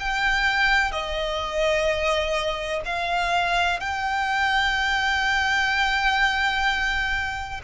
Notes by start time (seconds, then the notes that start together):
0.00 G5
0.92 D#5
2.85 F5
3.80 G5